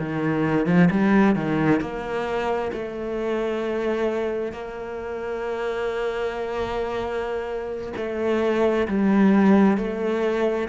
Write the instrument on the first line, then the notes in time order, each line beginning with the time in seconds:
cello
0.00 D#3
0.67 F3
0.91 G3
1.36 D#3
1.81 A#3
2.73 A3
4.52 A#3
7.97 A3
8.88 G3
9.78 A3